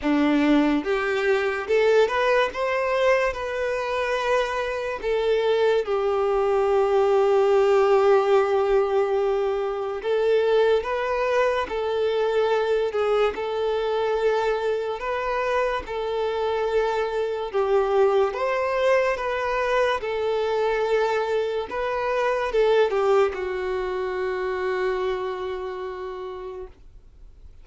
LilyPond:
\new Staff \with { instrumentName = "violin" } { \time 4/4 \tempo 4 = 72 d'4 g'4 a'8 b'8 c''4 | b'2 a'4 g'4~ | g'1 | a'4 b'4 a'4. gis'8 |
a'2 b'4 a'4~ | a'4 g'4 c''4 b'4 | a'2 b'4 a'8 g'8 | fis'1 | }